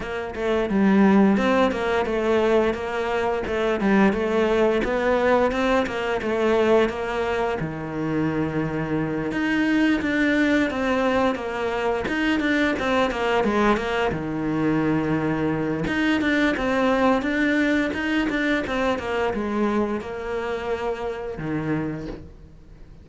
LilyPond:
\new Staff \with { instrumentName = "cello" } { \time 4/4 \tempo 4 = 87 ais8 a8 g4 c'8 ais8 a4 | ais4 a8 g8 a4 b4 | c'8 ais8 a4 ais4 dis4~ | dis4. dis'4 d'4 c'8~ |
c'8 ais4 dis'8 d'8 c'8 ais8 gis8 | ais8 dis2~ dis8 dis'8 d'8 | c'4 d'4 dis'8 d'8 c'8 ais8 | gis4 ais2 dis4 | }